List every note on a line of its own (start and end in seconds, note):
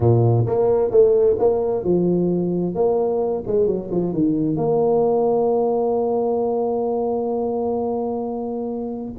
0.00 0.46 A#2
0.46 0.91 A#3
0.91 1.36 A3
1.38 1.83 A#3
1.83 2.75 F3
2.75 3.43 A#3
3.46 3.66 G#3
3.66 3.89 F#3
3.91 4.12 F3
4.12 4.56 D#3
4.56 9.14 A#3